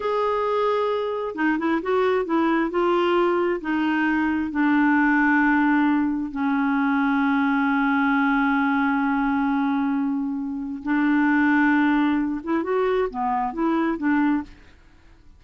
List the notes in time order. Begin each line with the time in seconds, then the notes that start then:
0.00 G#4
1.35 D#4
1.58 E4
1.82 F#4
2.25 E4
2.70 F4
3.60 D#4
4.51 D4
6.31 C#4
10.82 D4
12.43 E4
12.63 F#4
13.09 B3
13.53 E4
13.97 D4